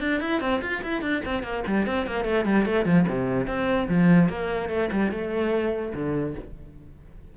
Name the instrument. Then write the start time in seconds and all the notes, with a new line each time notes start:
cello
0.00 D4
0.20 E4
0.40 C4
0.61 F4
0.83 E4
1.01 D4
1.24 C4
1.43 A#3
1.67 G3
1.86 C4
2.06 A#3
2.24 A3
2.45 G3
2.65 A3
2.85 F3
3.08 C3
3.47 C4
3.88 F3
4.29 A#3
4.69 A3
4.92 G3
5.11 A3
5.94 D3